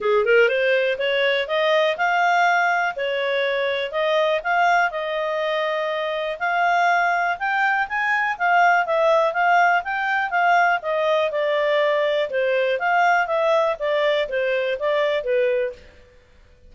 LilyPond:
\new Staff \with { instrumentName = "clarinet" } { \time 4/4 \tempo 4 = 122 gis'8 ais'8 c''4 cis''4 dis''4 | f''2 cis''2 | dis''4 f''4 dis''2~ | dis''4 f''2 g''4 |
gis''4 f''4 e''4 f''4 | g''4 f''4 dis''4 d''4~ | d''4 c''4 f''4 e''4 | d''4 c''4 d''4 b'4 | }